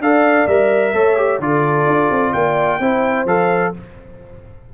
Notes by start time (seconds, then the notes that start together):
0.00 D4 A4 D5 F5
0.47 G3 A#4 E5
0.94 A3 A4 C#5
1.17 G4
1.40 D3 F4 A4 D5
1.87 D4
2.11 C4
2.33 A#3 D5 G5
2.80 C4 E4 C5
3.26 F3 A4 F5